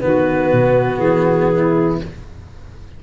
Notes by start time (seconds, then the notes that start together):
0.00 D#3 B3 F#4 B4
0.52 B2
0.98 E3 G#4
1.53 E4